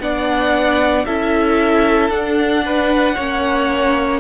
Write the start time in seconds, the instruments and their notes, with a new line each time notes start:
0.00 cello B3, viola D4, violin D5 F#5
1.05 cello C#4, viola E4, violin A4 E5
2.10 cello D4, viola D4, violin F#5
2.65 violin B4
3.15 cello A#3, viola C#4, violin C#5